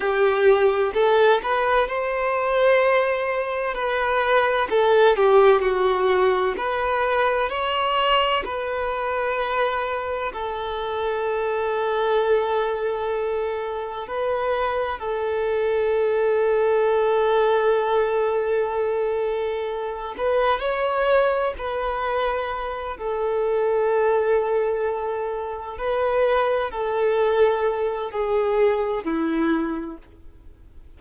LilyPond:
\new Staff \with { instrumentName = "violin" } { \time 4/4 \tempo 4 = 64 g'4 a'8 b'8 c''2 | b'4 a'8 g'8 fis'4 b'4 | cis''4 b'2 a'4~ | a'2. b'4 |
a'1~ | a'4. b'8 cis''4 b'4~ | b'8 a'2. b'8~ | b'8 a'4. gis'4 e'4 | }